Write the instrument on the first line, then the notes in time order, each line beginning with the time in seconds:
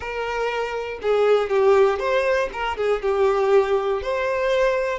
violin
0.00 A#4
1.02 G#4
1.49 G4
1.99 C5
2.52 A#4
2.76 G#4
3.02 G4
4.02 C5